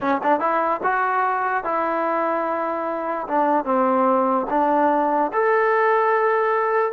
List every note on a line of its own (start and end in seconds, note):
0.00 0.21 C#4
0.23 0.40 D4
0.40 0.80 E4
0.83 1.64 F#4
1.64 3.27 E4
3.27 3.64 D4
3.64 4.46 C4
4.50 5.31 D4
5.33 6.92 A4